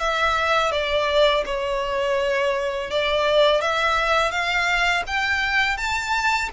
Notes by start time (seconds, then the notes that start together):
0.00 E5
0.72 D5
1.46 C#5
2.91 D5
3.62 E5
4.31 F5
5.07 G5
5.78 A5